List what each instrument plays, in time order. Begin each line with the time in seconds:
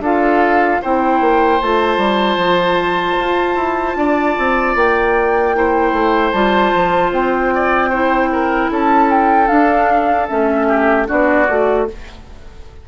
0.00 bassoon D4, clarinet F4, oboe A4, flute F5
0.82 bassoon C4, clarinet E4, oboe C5, flute G5
1.21 bassoon A#3
1.61 bassoon A3, clarinet F4, flute A5
1.97 bassoon G3
2.37 bassoon F3
3.19 bassoon F4
3.56 bassoon E4
3.96 bassoon D4, oboe D5
4.39 bassoon C4
4.76 bassoon A#3, flute G5
5.56 clarinet E4, oboe C5
5.93 bassoon A3
6.32 bassoon G3, clarinet F4, flute A5
6.75 bassoon F3
7.12 bassoon C4, flute G5
7.55 oboe D5
7.89 clarinet E4, oboe C5
8.32 oboe A#4
8.71 bassoon C#4, oboe A4, flute A5
9.11 flute G5
9.48 clarinet D4, bassoon D4, flute F5
10.29 bassoon A3, clarinet C#4, flute E5
10.68 oboe G4
11.07 bassoon B3, clarinet D4, oboe F#4, flute D5
11.48 bassoon A3, clarinet F#4